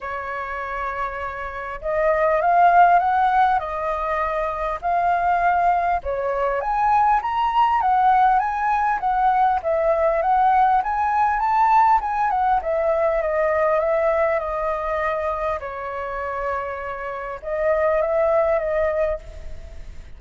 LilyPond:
\new Staff \with { instrumentName = "flute" } { \time 4/4 \tempo 4 = 100 cis''2. dis''4 | f''4 fis''4 dis''2 | f''2 cis''4 gis''4 | ais''4 fis''4 gis''4 fis''4 |
e''4 fis''4 gis''4 a''4 | gis''8 fis''8 e''4 dis''4 e''4 | dis''2 cis''2~ | cis''4 dis''4 e''4 dis''4 | }